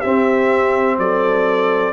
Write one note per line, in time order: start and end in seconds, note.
0.00 1.94 C4
0.00 0.99 C4
0.00 0.97 G4
0.00 0.98 E5
0.99 1.94 F#3
0.99 1.94 A4
0.99 1.94 D5